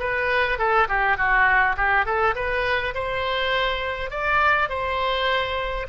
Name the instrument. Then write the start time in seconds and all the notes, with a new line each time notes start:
oboe
0.00 B4
0.59 A4
0.89 G4
1.18 F#4
1.77 G4
2.06 A4
2.36 B4
2.95 C5
4.11 D5
4.70 C5